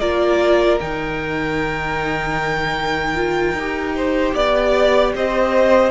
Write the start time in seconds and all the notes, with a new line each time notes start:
0.00 A#3 F4 A#4 D5
0.81 D#3 D#4 G5
3.16 F4
3.53 D#4 G4
3.96 C5
4.35 B3 D5
5.15 C4 C5 D#5